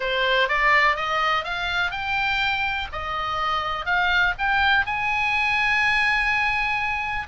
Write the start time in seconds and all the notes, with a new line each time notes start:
0.00 C5
0.48 D5
0.96 D#5
1.44 F5
1.91 G5
2.92 D#5
3.85 F5
4.38 G5
4.86 G#5